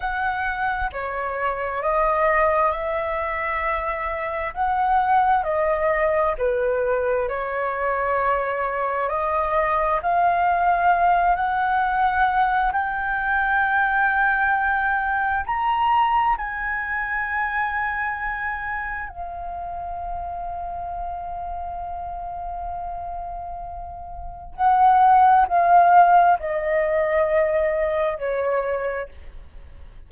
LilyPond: \new Staff \with { instrumentName = "flute" } { \time 4/4 \tempo 4 = 66 fis''4 cis''4 dis''4 e''4~ | e''4 fis''4 dis''4 b'4 | cis''2 dis''4 f''4~ | f''8 fis''4. g''2~ |
g''4 ais''4 gis''2~ | gis''4 f''2.~ | f''2. fis''4 | f''4 dis''2 cis''4 | }